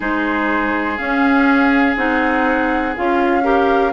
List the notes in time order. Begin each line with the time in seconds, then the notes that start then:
0.00 G#3 D#4 G#4 C5
0.97 C#4 F5
1.96 C4 D#4 F#5
2.96 C#4 F4 F5
3.42 G4 A#4